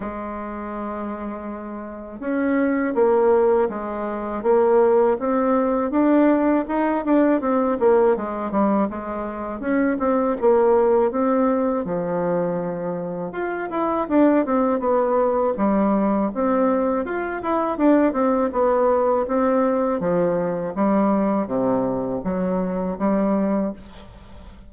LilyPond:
\new Staff \with { instrumentName = "bassoon" } { \time 4/4 \tempo 4 = 81 gis2. cis'4 | ais4 gis4 ais4 c'4 | d'4 dis'8 d'8 c'8 ais8 gis8 g8 | gis4 cis'8 c'8 ais4 c'4 |
f2 f'8 e'8 d'8 c'8 | b4 g4 c'4 f'8 e'8 | d'8 c'8 b4 c'4 f4 | g4 c4 fis4 g4 | }